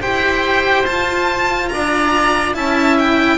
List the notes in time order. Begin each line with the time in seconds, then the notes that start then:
0.00 E4 G4 C5 G5
0.85 F4 A5
1.68 D4 D5 A#5
2.54 C#4 E4 E5 A5
2.98 G5